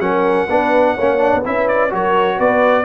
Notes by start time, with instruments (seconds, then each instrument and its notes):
0.00 tuba F#3, trombone C#4, horn A#4, trumpet F#5
0.50 tuba B3, trombone D4, horn B4
0.95 tuba A#3, trombone C#4, horn C#5
1.18 trombone D4
1.35 tuba B3
1.45 tuba C#4, trombone E4, horn B4, trumpet E5
1.68 trumpet D5
1.91 tuba F#3, trombone F#4, horn A#4, trumpet C#5
2.37 tuba B3, horn B4, trumpet D5